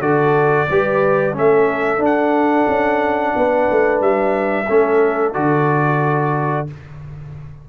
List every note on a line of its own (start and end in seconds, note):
0.00 0.67 D3
0.00 0.67 F#4
0.00 0.68 A4
0.00 1.35 D5
0.70 1.36 G3
0.70 1.33 G4
0.70 1.36 B4
1.33 1.98 A3
1.33 1.99 C#4
1.33 3.36 A4
1.33 2.04 E5
1.98 2.65 D4
1.98 4.65 D4
2.05 4.01 F#5
2.67 3.34 C#4
3.36 3.69 B3
3.36 4.69 B4
3.71 4.01 A3
4.01 4.67 G3
4.01 5.33 E5
4.68 5.36 A3
4.68 5.34 C#4
4.68 6.69 A4
5.33 6.69 D3
5.33 6.67 F#4
5.33 6.67 D5